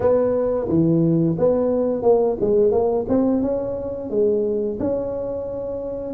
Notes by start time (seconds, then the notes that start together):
0.00 B3
0.68 E3
1.38 B3
2.02 A#3
2.40 G#3
2.71 A#3
3.08 C4
3.42 C#4
4.09 G#3
4.79 C#4